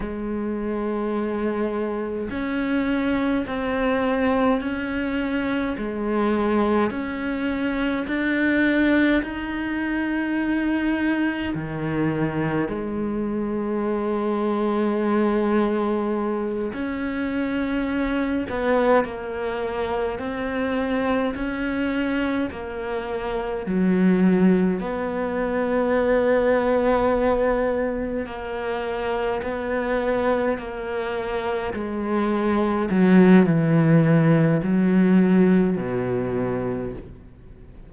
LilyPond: \new Staff \with { instrumentName = "cello" } { \time 4/4 \tempo 4 = 52 gis2 cis'4 c'4 | cis'4 gis4 cis'4 d'4 | dis'2 dis4 gis4~ | gis2~ gis8 cis'4. |
b8 ais4 c'4 cis'4 ais8~ | ais8 fis4 b2~ b8~ | b8 ais4 b4 ais4 gis8~ | gis8 fis8 e4 fis4 b,4 | }